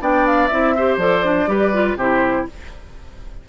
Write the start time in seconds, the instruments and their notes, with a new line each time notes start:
0.00 bassoon B3, clarinet D4, oboe D5, flute G5
0.26 flute F5
0.47 bassoon C4, clarinet E4, flute E5
0.76 clarinet G4, oboe C5
0.97 bassoon F3, clarinet A4, flute D5
1.24 clarinet D4
1.46 bassoon G3, clarinet G4, oboe B4
1.73 clarinet F4
1.95 bassoon C3, clarinet E4, oboe G4, flute C5